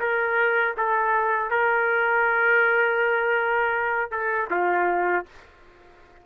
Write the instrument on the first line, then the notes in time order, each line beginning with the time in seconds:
trumpet
0.00 A#4
0.77 A4
1.51 A#4
4.11 A4
4.51 F4